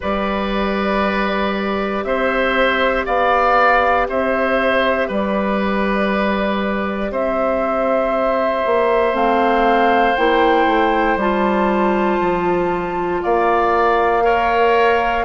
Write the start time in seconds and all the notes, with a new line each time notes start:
0.00 G3 G4 B4 D5
2.04 C4 C5 E5
3.05 B3 D5 F5
4.08 C4 C5 E5
5.07 G3 B4 D5
7.11 C4 C5 E5
8.65 A#3
9.13 A3 C4 F5
10.16 A#3 E4 G5
10.65 A3
11.16 G3 F4 A5
12.20 F3
13.22 A#3 D5 F5
14.23 A#4 C#5